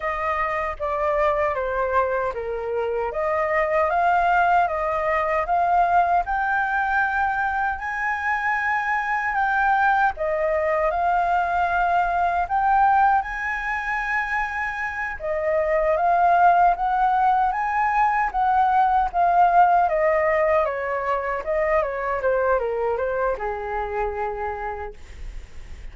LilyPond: \new Staff \with { instrumentName = "flute" } { \time 4/4 \tempo 4 = 77 dis''4 d''4 c''4 ais'4 | dis''4 f''4 dis''4 f''4 | g''2 gis''2 | g''4 dis''4 f''2 |
g''4 gis''2~ gis''8 dis''8~ | dis''8 f''4 fis''4 gis''4 fis''8~ | fis''8 f''4 dis''4 cis''4 dis''8 | cis''8 c''8 ais'8 c''8 gis'2 | }